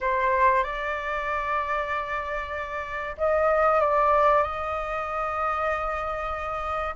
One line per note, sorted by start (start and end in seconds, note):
0.00 0.63 C5
0.63 3.16 D5
3.17 3.80 D#5
3.80 4.42 D5
4.42 6.95 D#5